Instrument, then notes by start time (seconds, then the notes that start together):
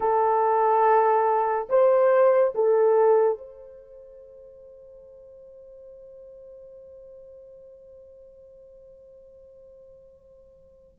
horn
0.00 A4
1.69 C5
2.54 A4
3.38 C5